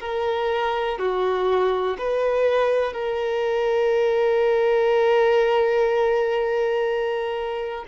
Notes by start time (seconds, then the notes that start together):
0.00 A#4
0.98 F#4
1.98 B4
2.92 A#4